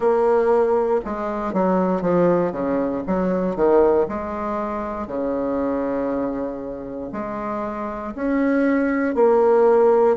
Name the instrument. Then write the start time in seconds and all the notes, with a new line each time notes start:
bassoon
0.00 A#3
1.04 G#3
1.53 F#3
2.01 F3
2.51 C#3
3.06 F#3
3.56 D#3
4.08 G#3
5.07 C#3
7.12 G#3
8.14 C#4
9.14 A#3